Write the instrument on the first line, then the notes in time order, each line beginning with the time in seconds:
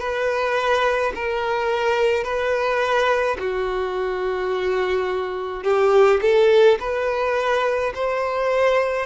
violin
0.00 B4
1.15 A#4
2.24 B4
3.40 F#4
5.63 G4
6.22 A4
6.80 B4
7.95 C5